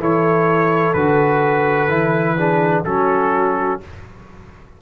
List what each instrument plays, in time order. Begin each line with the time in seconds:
0.00 tuba E3, trombone E4, horn A4, trumpet C#5
0.94 tuba D3, trombone F#4, trumpet B4
1.89 tuba E3, trombone E4
2.38 trombone D4, horn G#4
2.85 tuba F#3, trombone C#4, horn F#4, trumpet A4